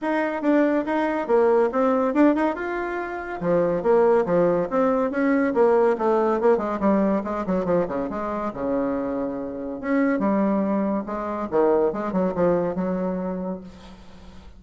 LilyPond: \new Staff \with { instrumentName = "bassoon" } { \time 4/4 \tempo 4 = 141 dis'4 d'4 dis'4 ais4 | c'4 d'8 dis'8 f'2 | f4 ais4 f4 c'4 | cis'4 ais4 a4 ais8 gis8 |
g4 gis8 fis8 f8 cis8 gis4 | cis2. cis'4 | g2 gis4 dis4 | gis8 fis8 f4 fis2 | }